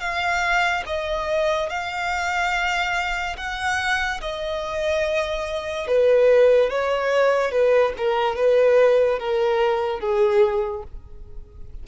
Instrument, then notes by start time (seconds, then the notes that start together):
violin
0.00 F5
0.86 D#5
1.69 F5
3.37 F#5
4.21 D#5
5.87 B4
6.70 C#5
7.52 B4
7.97 A#4
8.36 B4
9.19 A#4
10.00 G#4